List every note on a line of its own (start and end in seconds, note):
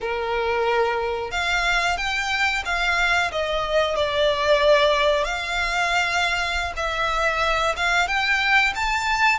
0.00 1.31 A#4
1.31 1.97 F5
1.97 2.63 G5
2.65 3.31 F5
3.31 3.96 D#5
3.96 5.24 D5
5.24 6.73 F5
6.76 7.75 E5
7.76 8.07 F5
8.07 8.73 G5
8.75 9.38 A5